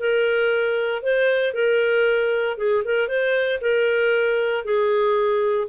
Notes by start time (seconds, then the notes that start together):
0.00 A#4
1.03 C5
1.54 A#4
2.58 G#4
2.85 A#4
3.08 C5
3.62 A#4
4.65 G#4